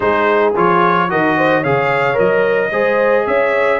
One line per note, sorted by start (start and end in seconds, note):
0.00 0.55 G#3
0.00 0.53 D#4
0.00 1.08 G#4
0.00 0.53 C5
0.56 1.11 F3
0.56 1.09 F4
0.56 1.10 C#5
1.09 1.64 D#3
1.09 1.63 F#4
1.09 1.37 A#4
1.09 1.63 D#5
1.37 1.60 C5
1.60 2.19 C#3
1.60 2.14 G#4
1.60 2.69 C#5
1.60 2.18 F5
2.14 2.72 F#3
2.14 2.68 A#4
2.14 3.26 D#5
2.71 3.26 G#3
2.71 3.80 G#4
2.71 3.26 C5
3.26 3.80 C#4
3.26 3.80 C#5
3.26 3.80 E5